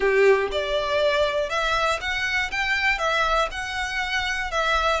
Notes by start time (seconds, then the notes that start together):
0.00 G4
0.51 D5
1.49 E5
2.00 F#5
2.51 G5
2.98 E5
3.51 F#5
4.51 E5